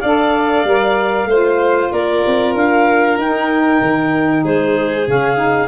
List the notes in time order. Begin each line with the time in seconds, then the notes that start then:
0.00 D4 A4 D5 F5
0.64 G3 A#4
1.26 A3 F4 C5
1.91 A#3 A#4 D5
2.27 C4
2.55 D4 F5
3.17 D#4 G5
3.81 D#3
4.43 G#3 G#4 C5
5.05 C#3 C#4 F5
5.36 D#4